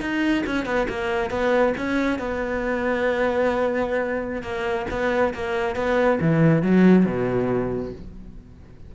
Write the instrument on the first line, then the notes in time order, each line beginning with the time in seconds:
cello
0.00 D#4
0.46 C#4
0.65 B3
0.88 A#3
1.30 B3
1.77 C#4
2.19 B3
4.42 A#3
4.90 B3
5.34 A#3
5.75 B3
6.21 E3
6.62 F#3
7.05 B2